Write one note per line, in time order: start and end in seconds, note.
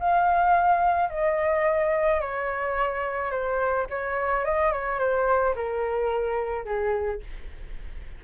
0.00 1.10 F5
1.10 2.21 D#5
2.21 3.31 C#5
3.31 3.87 C5
3.90 4.45 C#5
4.45 4.72 D#5
4.72 4.99 C#5
4.99 5.55 C5
5.55 6.65 A#4
6.65 7.21 G#4